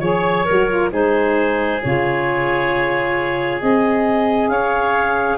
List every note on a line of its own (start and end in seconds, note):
0.00 0.45 F3
0.00 0.45 G#4
0.00 0.90 C#5
0.00 0.46 C#5
0.46 0.92 F#3
0.46 0.70 F#4
0.46 0.90 A#4
0.70 0.90 F4
0.90 1.82 G#3
0.90 1.80 D#4
0.90 4.50 G#4
0.90 1.82 C5
1.83 3.62 C#3
1.83 3.60 F4
1.83 3.62 C#5
3.60 4.49 C4
3.60 5.37 G#4
3.60 4.49 D#5
4.49 5.37 C#4
4.49 5.37 C#5
4.49 5.37 F5